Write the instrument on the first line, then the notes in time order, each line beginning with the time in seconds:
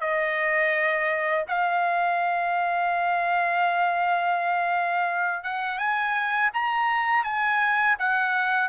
trumpet
0.00 D#5
1.48 F5
5.43 F#5
5.78 G#5
6.53 A#5
7.24 G#5
7.98 F#5